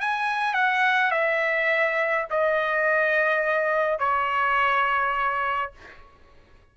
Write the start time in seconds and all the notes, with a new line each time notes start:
0.00 G#5
0.53 F#5
1.11 E5
2.30 D#5
3.99 C#5